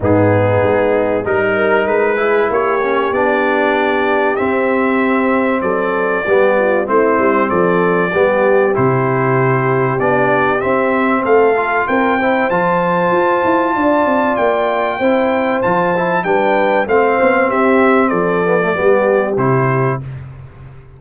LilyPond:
<<
  \new Staff \with { instrumentName = "trumpet" } { \time 4/4 \tempo 4 = 96 gis'2 ais'4 b'4 | cis''4 d''2 e''4~ | e''4 d''2 c''4 | d''2 c''2 |
d''4 e''4 f''4 g''4 | a''2. g''4~ | g''4 a''4 g''4 f''4 | e''4 d''2 c''4 | }
  \new Staff \with { instrumentName = "horn" } { \time 4/4 dis'2 ais'4. gis'8 | g'1~ | g'4 a'4 g'8 f'8 e'4 | a'4 g'2.~ |
g'2 a'4 ais'8 c''8~ | c''2 d''2 | c''2 b'4 c''4 | g'4 a'4 g'2 | }
  \new Staff \with { instrumentName = "trombone" } { \time 4/4 b2 dis'4. e'8~ | e'8 cis'8 d'2 c'4~ | c'2 b4 c'4~ | c'4 b4 e'2 |
d'4 c'4. f'4 e'8 | f'1 | e'4 f'8 e'8 d'4 c'4~ | c'4. b16 a16 b4 e'4 | }
  \new Staff \with { instrumentName = "tuba" } { \time 4/4 gis,4 gis4 g4 gis4 | ais4 b2 c'4~ | c'4 fis4 g4 a8 g8 | f4 g4 c2 |
b4 c'4 a4 c'4 | f4 f'8 e'8 d'8 c'8 ais4 | c'4 f4 g4 a8 b8 | c'4 f4 g4 c4 | }
>>